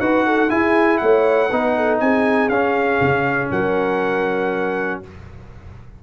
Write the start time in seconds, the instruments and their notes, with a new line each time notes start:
0.00 tuba D#4, trombone F#4, horn B4, trumpet F#5
0.26 horn A4
0.49 trombone E4, tuba E4, horn G#4, trumpet G#5
0.98 tuba A3, horn C#5, trumpet F#5
1.50 tuba B3, trombone D#4, horn B4
1.77 horn A4
2.00 tuba C4, horn G#4, trumpet G#5
2.49 tuba C#4, trombone C#4, trumpet F5
3.01 tuba C#3
3.51 tuba F#3, horn A#4, trumpet F#5